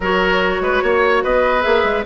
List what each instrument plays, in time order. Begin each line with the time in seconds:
0.00 bassoon F#3, clarinet F#4, oboe A#4, flute C#5
0.60 bassoon G#3, oboe B4
0.82 bassoon A#3, oboe C#5
1.23 bassoon B3, oboe B4, flute D#5
1.61 bassoon A#3, clarinet G#4, flute E5
1.83 bassoon G#3